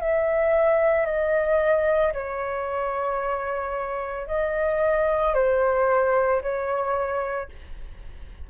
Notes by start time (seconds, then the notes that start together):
0.00 E5
1.06 D#5
2.13 C#5
4.27 D#5
5.35 C5
6.42 C#5